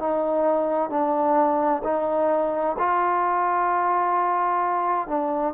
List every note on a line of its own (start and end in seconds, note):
0.00 0.90 D#4
0.90 1.83 D4
1.84 2.77 D#4
2.79 5.08 F4
5.08 5.54 D4